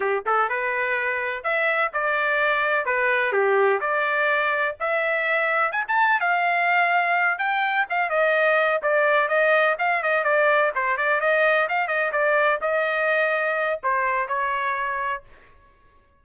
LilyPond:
\new Staff \with { instrumentName = "trumpet" } { \time 4/4 \tempo 4 = 126 g'8 a'8 b'2 e''4 | d''2 b'4 g'4 | d''2 e''2 | gis''16 a''8. f''2~ f''8 g''8~ |
g''8 f''8 dis''4. d''4 dis''8~ | dis''8 f''8 dis''8 d''4 c''8 d''8 dis''8~ | dis''8 f''8 dis''8 d''4 dis''4.~ | dis''4 c''4 cis''2 | }